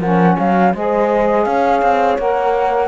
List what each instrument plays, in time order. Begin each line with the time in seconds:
0.00 cello F3, saxophone C#4, horn A#4, flute F#5
0.39 cello F#3, horn C#5, flute F5
0.74 cello G#3, saxophone G#4, horn C5, flute D#5
1.45 cello C#4, horn C#5, flute F5
1.82 cello C4
2.18 cello A#3, saxophone A#4, flute F#5